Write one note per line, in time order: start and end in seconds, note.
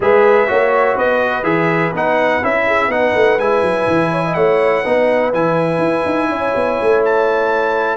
0.00 0.48 G#3
0.00 0.47 G#4
0.00 0.48 B4
0.00 0.98 E5
0.47 0.97 A#3
0.47 1.43 F#4
0.47 0.95 C#5
0.95 1.42 B3
0.95 2.64 B4
0.95 1.44 D#5
1.42 1.91 E3
1.42 1.92 G#4
1.42 1.92 E5
1.93 2.41 B3
1.93 2.42 D#4
1.93 2.44 F#5
2.42 2.88 C#4
2.42 2.90 E4
2.42 2.91 E5
2.67 2.91 G#4
2.88 3.12 B3
2.88 3.39 D#4
2.88 4.11 B4
2.88 3.39 F#5
3.14 3.38 A3
3.38 3.62 G#3
3.38 4.84 E4
3.38 4.34 G#5
3.62 3.86 F#3
3.87 4.35 E3
4.11 4.23 C#5
4.24 4.36 D#5
4.34 4.84 A3
4.34 4.83 C#5
4.34 5.30 F#5
4.83 5.33 B3
4.83 5.33 D#4
4.83 6.28 B4
5.33 5.78 E3
5.33 7.96 E4
5.33 7.02 G#5
5.78 6.02 E4
6.05 6.29 D#4
6.29 6.53 C#4
6.29 7.96 C#5
6.55 6.79 B3
6.80 7.96 A3
7.05 7.96 A5